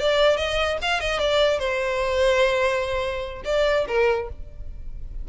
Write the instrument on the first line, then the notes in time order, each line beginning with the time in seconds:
violin
0.00 D5
0.37 D#5
0.82 F5
1.01 D#5
1.20 D5
1.59 C5
3.45 D5
3.88 A#4